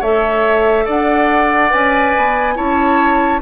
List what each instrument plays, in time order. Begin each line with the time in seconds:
0.00 bassoon A3, clarinet A4, oboe C#5, flute E5
0.85 bassoon D4, oboe D5, flute F#5
1.70 bassoon C#4, clarinet B4, flute G#5
2.17 bassoon B3
2.55 bassoon C#4, clarinet E4, oboe C#5, flute A5